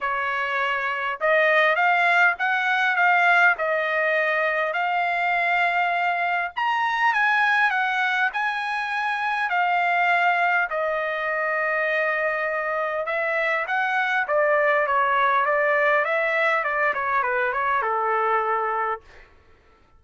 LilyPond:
\new Staff \with { instrumentName = "trumpet" } { \time 4/4 \tempo 4 = 101 cis''2 dis''4 f''4 | fis''4 f''4 dis''2 | f''2. ais''4 | gis''4 fis''4 gis''2 |
f''2 dis''2~ | dis''2 e''4 fis''4 | d''4 cis''4 d''4 e''4 | d''8 cis''8 b'8 cis''8 a'2 | }